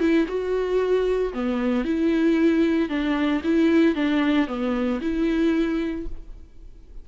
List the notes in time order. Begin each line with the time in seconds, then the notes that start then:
0.00 E4
0.28 F#4
1.33 B3
1.85 E4
2.89 D4
3.44 E4
3.95 D4
4.48 B3
5.01 E4